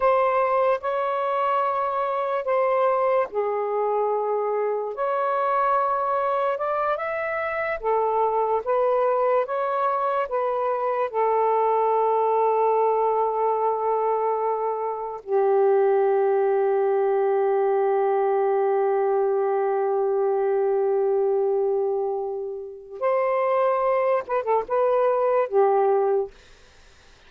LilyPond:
\new Staff \with { instrumentName = "saxophone" } { \time 4/4 \tempo 4 = 73 c''4 cis''2 c''4 | gis'2 cis''2 | d''8 e''4 a'4 b'4 cis''8~ | cis''8 b'4 a'2~ a'8~ |
a'2~ a'8 g'4.~ | g'1~ | g'1 | c''4. b'16 a'16 b'4 g'4 | }